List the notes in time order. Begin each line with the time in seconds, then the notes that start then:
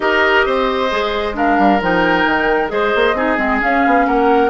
0.00 D#4 G4 A#4 D#5
0.45 C4 C5
0.90 G#3 G#4
1.33 D4 A#4 F5
1.58 G3
1.81 F3 D#4 G5
2.25 D#3
2.68 G#3 G#4 C5 D#5
2.95 A#3
3.13 C4 D#4 G#4
3.37 G#3 C4
3.60 C#4 F5
3.85 B3
4.06 A#3 A#4 F#5